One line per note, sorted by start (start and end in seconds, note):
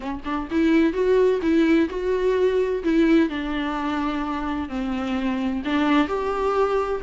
0.00 0.20 C#4
0.25 0.48 D4
0.50 0.93 E4
0.93 1.40 F#4
1.42 1.89 E4
1.89 2.83 F#4
2.83 3.29 E4
3.29 4.68 D4
4.68 5.62 C4
5.65 6.07 D4
6.07 7.01 G4